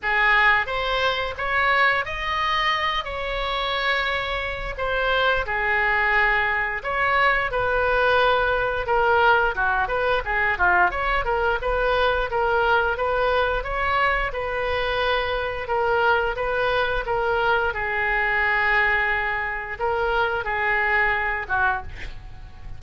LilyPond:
\new Staff \with { instrumentName = "oboe" } { \time 4/4 \tempo 4 = 88 gis'4 c''4 cis''4 dis''4~ | dis''8 cis''2~ cis''8 c''4 | gis'2 cis''4 b'4~ | b'4 ais'4 fis'8 b'8 gis'8 f'8 |
cis''8 ais'8 b'4 ais'4 b'4 | cis''4 b'2 ais'4 | b'4 ais'4 gis'2~ | gis'4 ais'4 gis'4. fis'8 | }